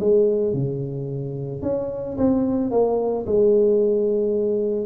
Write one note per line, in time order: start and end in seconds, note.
0.00 0.54 G#3
0.54 1.63 C#3
1.63 2.17 C#4
2.18 2.71 C4
2.71 3.26 A#3
3.27 4.86 G#3